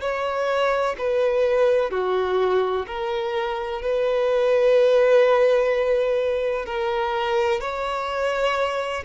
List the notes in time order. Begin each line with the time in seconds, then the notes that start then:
0.00 C#5
0.98 B4
1.90 F#4
2.87 A#4
3.81 B4
6.65 A#4
7.60 C#5